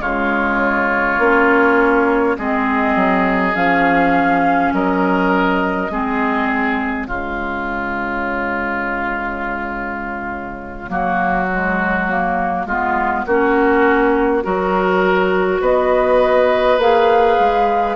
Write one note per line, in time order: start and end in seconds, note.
0.00 1.18 C#3
0.00 1.20 G#3
0.00 2.37 F4
0.00 2.37 C#5
1.18 2.36 A#3
1.18 2.38 C#4
2.38 2.96 G#3
2.38 3.54 C4
2.38 4.74 G#4
2.38 3.56 D#5
2.96 3.55 F#3
3.54 4.73 F3
3.54 5.89 C#4
3.54 4.74 F5
4.73 5.90 F#3
4.73 5.92 A#4
4.73 6.50 D#5
5.90 7.08 G#3
5.90 7.09 C4
5.90 7.07 G#4
6.50 15.62 C#5
7.07 10.89 C#3
7.07 10.88 G#3
7.07 10.90 F4
10.88 12.66 F#3
10.88 11.47 A#3
10.88 12.67 F#4
11.51 12.09 G#3
12.09 12.68 A#3
12.66 13.25 G#3
12.66 13.27 B3
12.66 13.25 F4
13.26 14.44 A#3
13.26 14.43 C#4
13.26 14.44 F#4
14.43 15.61 F#3
14.43 16.79 F#4
14.43 15.62 A#4
15.61 16.78 B3
15.61 17.96 B4
15.61 16.80 D#5
16.78 17.37 A#3
16.78 17.96 G#4
16.78 17.96 F5
17.39 17.96 G#3